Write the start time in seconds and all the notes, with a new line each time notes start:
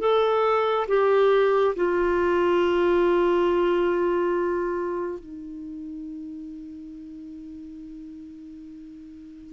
0.00 A4
0.88 G4
1.76 F4
5.20 D#4